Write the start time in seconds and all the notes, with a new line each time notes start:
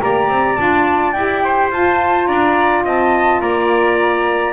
0.00 A#3 G4 D5 A#5
0.29 C4
0.56 D4 F4 A5
1.13 E4 G4 G5
1.44 C5
1.71 F4 A5
2.26 D4 D5 A#5
2.85 C4 D#5 A5
3.42 A#3 D5 A#5